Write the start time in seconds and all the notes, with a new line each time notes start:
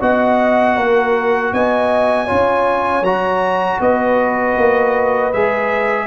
0.00 B3 F#4 D#5 F#5
0.76 A#3 A#4
1.53 B3 D#5 G#5
2.25 C#4 F4 C#5
3.01 F#3 F#4 A#5
3.80 B3 B4 D#5
4.57 A#3
5.32 G#3 G#4 E5